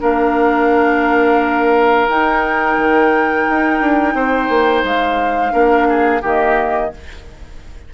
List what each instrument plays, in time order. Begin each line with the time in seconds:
0.00 bassoon A#3, clarinet D4, oboe A#4, flute F5
2.08 bassoon D#4, clarinet D#4, flute G5
2.77 bassoon D#3
3.50 bassoon D#4
3.81 bassoon D4
4.14 bassoon C4, oboe C5
4.49 bassoon A#3
4.84 bassoon G#3, flute F5
5.51 bassoon A#3, clarinet D4, oboe A#4
5.89 oboe G#4
6.22 bassoon D#3, clarinet A#3, oboe G4, flute D#5